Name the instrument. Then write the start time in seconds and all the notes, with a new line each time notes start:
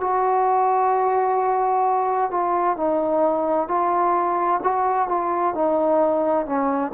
trombone
0.00 F#4
2.30 F4
2.77 D#4
3.68 F4
4.63 F#4
5.08 F4
5.54 D#4
6.46 C#4